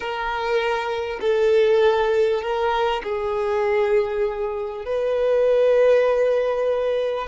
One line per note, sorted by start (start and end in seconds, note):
0.00 1.19 A#4
1.20 2.42 A4
2.42 3.02 A#4
3.03 4.85 G#4
4.85 7.27 B4